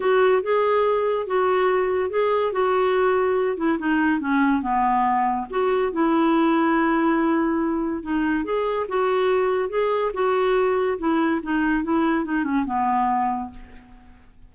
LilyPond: \new Staff \with { instrumentName = "clarinet" } { \time 4/4 \tempo 4 = 142 fis'4 gis'2 fis'4~ | fis'4 gis'4 fis'2~ | fis'8 e'8 dis'4 cis'4 b4~ | b4 fis'4 e'2~ |
e'2. dis'4 | gis'4 fis'2 gis'4 | fis'2 e'4 dis'4 | e'4 dis'8 cis'8 b2 | }